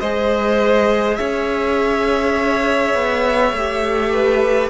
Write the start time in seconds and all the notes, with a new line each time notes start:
0.00 G#3 G#4 C5 D#5
1.16 C#4 C#5 E5
2.94 B3
3.53 A3 G4
4.12 B4